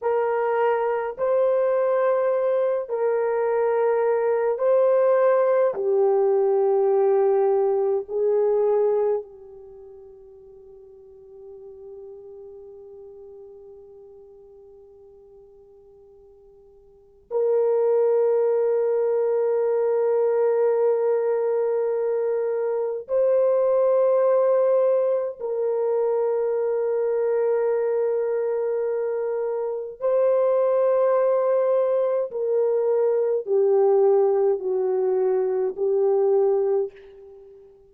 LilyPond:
\new Staff \with { instrumentName = "horn" } { \time 4/4 \tempo 4 = 52 ais'4 c''4. ais'4. | c''4 g'2 gis'4 | g'1~ | g'2. ais'4~ |
ais'1 | c''2 ais'2~ | ais'2 c''2 | ais'4 g'4 fis'4 g'4 | }